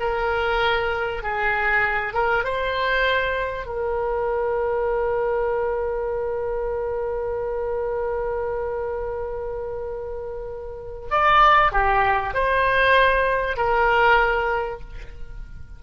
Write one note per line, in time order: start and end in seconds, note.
0.00 1.23 A#4
1.23 2.14 G#4
2.14 2.44 A#4
2.44 3.66 C5
3.66 11.08 A#4
11.10 11.72 D5
11.72 12.34 G4
12.34 13.57 C5
13.57 14.80 A#4